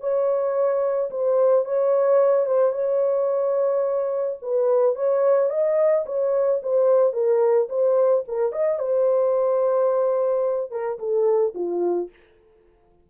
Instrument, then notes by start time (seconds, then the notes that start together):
horn
0.00 C#5
1.10 C5
1.65 C#5
2.46 C5
2.72 C#5
4.42 B4
4.95 C#5
5.50 D#5
6.06 C#5
6.63 C5
7.13 A#4
7.69 C5
8.28 A#4
8.52 D#5
8.79 C5
10.71 A#4
10.99 A4
11.55 F4